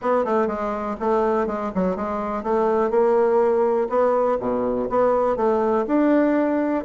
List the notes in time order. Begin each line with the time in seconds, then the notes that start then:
0.01 B3
0.25 A3
0.47 G#3
1.00 A3
1.47 G#3
1.75 F#3
1.96 G#3
2.43 A3
2.90 A#3
3.89 B3
4.39 B2
4.89 B3
5.36 A3
5.87 D4